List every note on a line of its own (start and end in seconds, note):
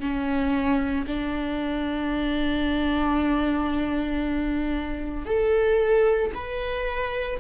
0.00 1.05 C#4
1.07 5.26 D4
5.26 6.31 A4
6.34 7.40 B4